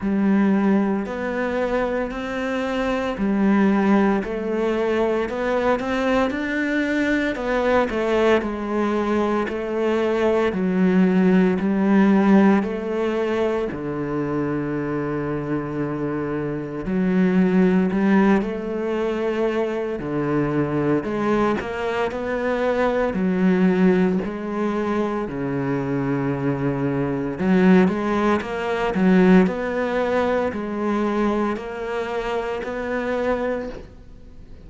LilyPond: \new Staff \with { instrumentName = "cello" } { \time 4/4 \tempo 4 = 57 g4 b4 c'4 g4 | a4 b8 c'8 d'4 b8 a8 | gis4 a4 fis4 g4 | a4 d2. |
fis4 g8 a4. d4 | gis8 ais8 b4 fis4 gis4 | cis2 fis8 gis8 ais8 fis8 | b4 gis4 ais4 b4 | }